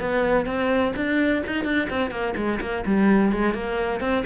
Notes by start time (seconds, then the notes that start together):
0.00 B3
0.46 C4
0.96 D4
1.46 D#4
1.64 D4
1.90 C4
2.11 A#3
2.36 G#3
2.61 A#3
2.86 G3
3.32 G#3
3.54 A#3
4.00 C4